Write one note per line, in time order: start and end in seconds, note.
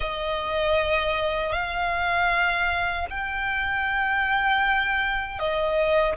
0.00 1.52 D#5
1.52 3.06 F5
3.10 5.38 G5
5.38 6.15 D#5